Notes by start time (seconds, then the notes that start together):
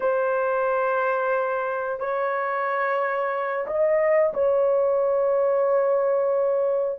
0.00 C5
1.99 C#5
3.66 D#5
4.33 C#5